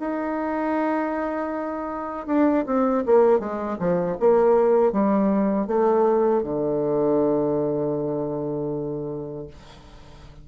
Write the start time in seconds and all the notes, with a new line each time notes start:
0.00 D#4
2.27 D4
2.67 C4
3.06 A#3
3.40 G#3
3.79 F3
4.20 A#3
4.92 G3
5.67 A3
6.43 D3